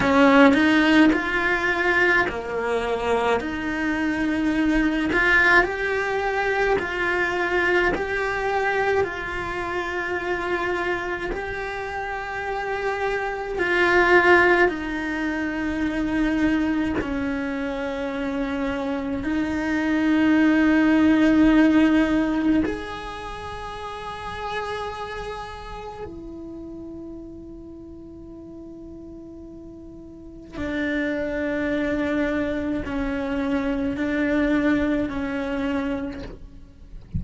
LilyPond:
\new Staff \with { instrumentName = "cello" } { \time 4/4 \tempo 4 = 53 cis'8 dis'8 f'4 ais4 dis'4~ | dis'8 f'8 g'4 f'4 g'4 | f'2 g'2 | f'4 dis'2 cis'4~ |
cis'4 dis'2. | gis'2. e'4~ | e'2. d'4~ | d'4 cis'4 d'4 cis'4 | }